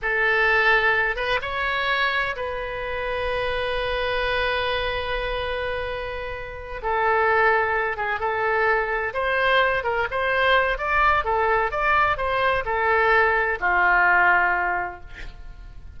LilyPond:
\new Staff \with { instrumentName = "oboe" } { \time 4/4 \tempo 4 = 128 a'2~ a'8 b'8 cis''4~ | cis''4 b'2.~ | b'1~ | b'2~ b'8 a'4.~ |
a'4 gis'8 a'2 c''8~ | c''4 ais'8 c''4. d''4 | a'4 d''4 c''4 a'4~ | a'4 f'2. | }